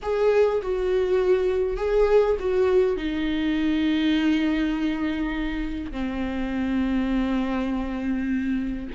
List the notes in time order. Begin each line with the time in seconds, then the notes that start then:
0.02 G#4
0.62 F#4
1.77 G#4
2.39 F#4
2.96 D#4
5.91 C4